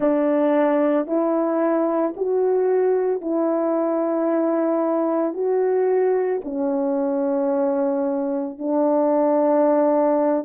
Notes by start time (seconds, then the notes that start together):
0.00 D4
1.07 E4
2.16 F#4
3.21 E4
5.33 F#4
6.44 C#4
8.58 D4